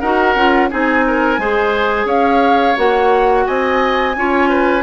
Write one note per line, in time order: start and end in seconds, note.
0.00 0.35 D#4
0.00 0.37 F#4
0.00 0.69 A#4
0.00 0.69 F#5
0.35 0.70 C#4
0.35 0.71 F4
0.71 1.38 C4
0.71 1.39 D#4
0.71 1.05 G#4
0.71 2.08 G#5
1.07 1.41 A#4
1.38 2.05 G#3
1.38 2.76 G#4
1.38 2.06 C5
2.05 2.74 C#4
2.05 3.44 C#5
2.05 2.77 F5
2.76 3.46 A#3
2.76 4.14 F#4
2.76 3.47 F#5
3.47 4.16 C4
3.47 4.16 D#5
3.47 4.82 G#5
4.16 4.82 C#4
4.16 4.82 F4
4.16 4.49 C#5
4.49 4.82 B4